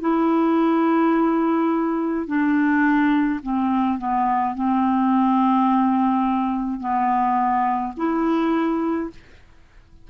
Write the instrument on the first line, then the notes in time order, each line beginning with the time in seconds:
clarinet
0.00 E4
2.26 D4
3.42 C4
3.98 B3
4.54 C4
6.80 B3
7.96 E4